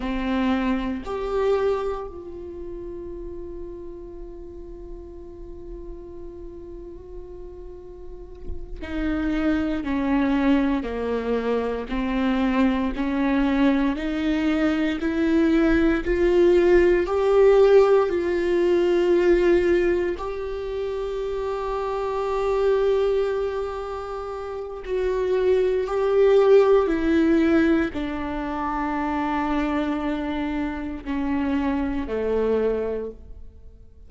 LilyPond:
\new Staff \with { instrumentName = "viola" } { \time 4/4 \tempo 4 = 58 c'4 g'4 f'2~ | f'1~ | f'8 dis'4 cis'4 ais4 c'8~ | c'8 cis'4 dis'4 e'4 f'8~ |
f'8 g'4 f'2 g'8~ | g'1 | fis'4 g'4 e'4 d'4~ | d'2 cis'4 a4 | }